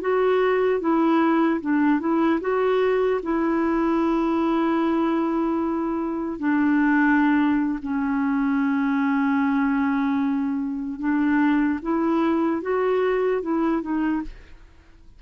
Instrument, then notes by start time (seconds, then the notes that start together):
clarinet
0.00 F#4
0.80 E4
1.60 D4
2.00 E4
2.40 F#4
3.22 E4
6.39 D4
7.82 C#4
10.99 D4
11.82 E4
12.61 F#4
13.41 E4
13.81 D#4